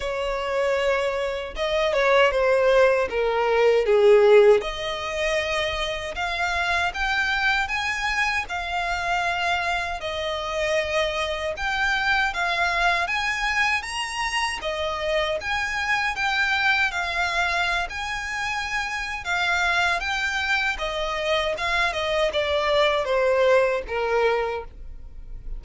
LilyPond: \new Staff \with { instrumentName = "violin" } { \time 4/4 \tempo 4 = 78 cis''2 dis''8 cis''8 c''4 | ais'4 gis'4 dis''2 | f''4 g''4 gis''4 f''4~ | f''4 dis''2 g''4 |
f''4 gis''4 ais''4 dis''4 | gis''4 g''4 f''4~ f''16 gis''8.~ | gis''4 f''4 g''4 dis''4 | f''8 dis''8 d''4 c''4 ais'4 | }